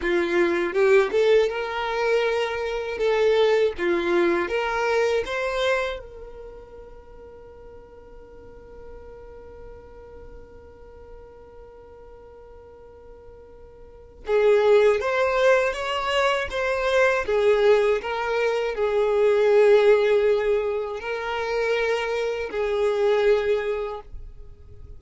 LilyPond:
\new Staff \with { instrumentName = "violin" } { \time 4/4 \tempo 4 = 80 f'4 g'8 a'8 ais'2 | a'4 f'4 ais'4 c''4 | ais'1~ | ais'1~ |
ais'2. gis'4 | c''4 cis''4 c''4 gis'4 | ais'4 gis'2. | ais'2 gis'2 | }